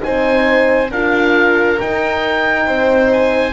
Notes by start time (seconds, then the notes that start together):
0.00 C4 D#4 C5 G#5
0.90 D4 F4 A#4 F5
1.80 D#4 G5
2.66 C4 C5
3.13 G#5